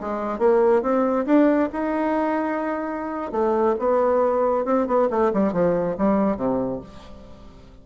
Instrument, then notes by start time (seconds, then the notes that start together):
bassoon
0.00 G#3
0.39 A#3
0.82 C4
1.25 D4
1.72 D#4
3.32 A3
3.79 B3
4.65 C4
4.87 B3
5.10 A3
5.33 G3
5.53 F3
5.98 G3
6.37 C3